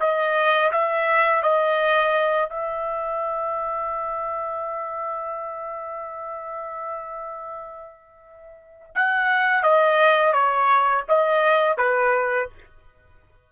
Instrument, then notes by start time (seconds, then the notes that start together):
trumpet
0.00 D#5
0.72 E5
1.43 D#5
2.50 E5
8.95 F#5
9.63 D#5
10.33 C#5
11.08 D#5
11.78 B4